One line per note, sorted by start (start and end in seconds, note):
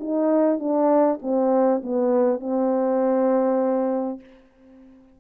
0.00 0.59 D#4
0.59 1.19 D4
1.22 1.82 C4
1.83 2.40 B3
2.40 4.20 C4